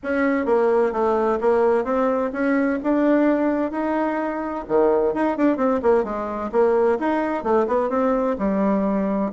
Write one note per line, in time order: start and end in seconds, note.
0.03 0.45 C#4
0.45 0.92 A#3
0.92 1.38 A3
1.41 1.84 A#3
1.84 2.30 C4
2.32 2.79 C#4
2.83 3.71 D4
3.71 4.64 D#4
4.68 5.14 D#3
5.14 5.37 D#4
5.37 5.57 D4
5.57 5.80 C4
5.82 6.04 A#3
6.04 6.50 G#3
6.51 6.98 A#3
6.99 7.43 D#4
7.43 7.67 A3
7.67 7.89 B3
7.89 8.36 C4
8.38 9.31 G3